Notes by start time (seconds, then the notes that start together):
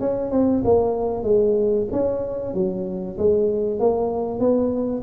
0.00 C#4
0.31 C4
0.65 A#3
1.23 G#3
1.92 C#4
2.54 F#3
3.18 G#3
3.80 A#3
4.40 B3